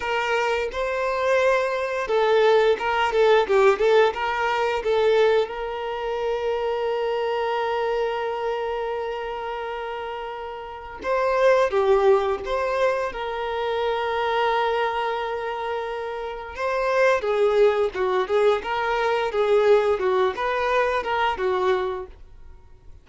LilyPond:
\new Staff \with { instrumentName = "violin" } { \time 4/4 \tempo 4 = 87 ais'4 c''2 a'4 | ais'8 a'8 g'8 a'8 ais'4 a'4 | ais'1~ | ais'1 |
c''4 g'4 c''4 ais'4~ | ais'1 | c''4 gis'4 fis'8 gis'8 ais'4 | gis'4 fis'8 b'4 ais'8 fis'4 | }